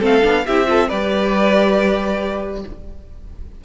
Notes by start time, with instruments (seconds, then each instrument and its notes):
0.00 cello A3, viola C4, violin A4 F5
0.23 cello B3, viola D4
0.47 cello C4, viola E4, violin G4 E5
0.67 viola F4, violin A4
0.89 cello G3, viola G4, violin B4 D5